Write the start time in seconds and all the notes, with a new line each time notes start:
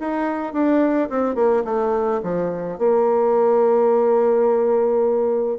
0.00 D#4
0.53 D4
1.10 C4
1.36 A#3
1.65 A3
2.24 F3
2.78 A#3